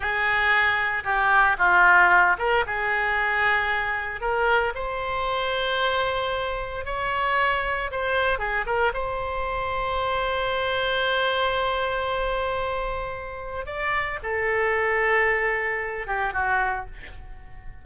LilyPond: \new Staff \with { instrumentName = "oboe" } { \time 4/4 \tempo 4 = 114 gis'2 g'4 f'4~ | f'8 ais'8 gis'2. | ais'4 c''2.~ | c''4 cis''2 c''4 |
gis'8 ais'8 c''2.~ | c''1~ | c''2 d''4 a'4~ | a'2~ a'8 g'8 fis'4 | }